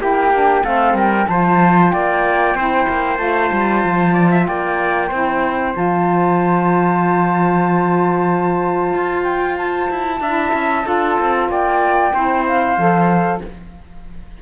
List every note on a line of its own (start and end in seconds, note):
0.00 0.64 A#3
0.00 0.32 E4
0.00 0.64 G4
0.00 0.64 G5
0.33 0.63 D4
0.63 0.94 A3
0.63 1.27 C4
0.63 0.96 A4
0.63 0.96 F5
0.94 1.26 G3
0.94 1.28 A#4
0.94 1.28 G5
1.28 1.93 F3
1.28 2.57 F4
1.28 1.93 C5
1.28 1.91 A5
1.91 2.55 A#3
1.91 2.57 D5
1.91 3.17 G5
2.55 2.87 C4
2.55 3.16 E4
2.55 4.14 C5
2.88 3.19 A#3
3.16 3.51 A3
3.16 5.08 F4
3.16 4.45 A5
3.52 3.84 G3
3.84 4.48 F3
4.14 4.30 D5
4.31 4.47 E5
4.46 5.11 A#3
4.46 5.09 D5
4.46 5.74 G5
5.09 5.75 C4
5.09 5.73 E4
5.09 10.19 C5
5.73 8.94 F3
5.73 10.20 F4
5.73 9.24 A5
8.94 9.90 F4
9.24 9.56 G5
9.57 11.49 A5
9.90 10.21 E4
10.21 10.53 D4
10.21 10.83 E4
10.21 10.86 E5
10.53 10.85 C#4
10.83 11.18 D4
10.83 12.11 F4
10.83 11.50 A4
11.20 11.49 C4
11.49 12.13 A#3
11.49 12.14 D5
11.49 12.46 G5
12.14 12.77 C4
12.14 12.78 E4
12.14 13.42 C5
12.46 13.42 F5
12.77 13.41 F3
12.77 13.42 A4